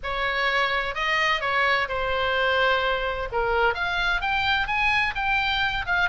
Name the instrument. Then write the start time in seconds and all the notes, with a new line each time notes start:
oboe
0.03 C#5
0.94 D#5
1.41 C#5
1.88 C5
3.32 A#4
3.74 F5
4.21 G5
4.67 G#5
5.15 G5
5.86 F5